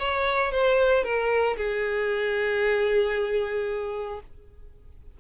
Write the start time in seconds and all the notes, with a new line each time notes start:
0.00 C#5
0.52 C5
1.04 A#4
1.57 G#4